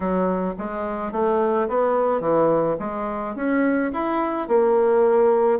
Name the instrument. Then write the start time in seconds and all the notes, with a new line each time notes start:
bassoon
0.00 F#3
0.58 G#3
1.11 A3
1.68 B3
2.20 E3
2.79 G#3
3.35 C#4
3.93 E4
4.47 A#3